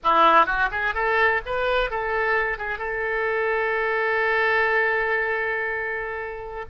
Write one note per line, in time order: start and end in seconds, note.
0.03 0.46 E4
0.46 0.69 F#4
0.71 0.94 G#4
0.94 1.41 A4
1.45 1.90 B4
1.90 2.58 A4
2.58 2.78 G#4
2.78 6.65 A4